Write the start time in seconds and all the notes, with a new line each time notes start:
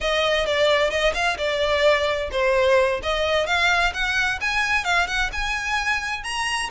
0.00 D#5
0.46 D5
0.90 D#5
1.14 F5
1.37 D5
2.31 C5
3.02 D#5
3.46 F5
3.93 F#5
4.40 G#5
4.84 F5
5.07 F#5
5.32 G#5
6.23 A#5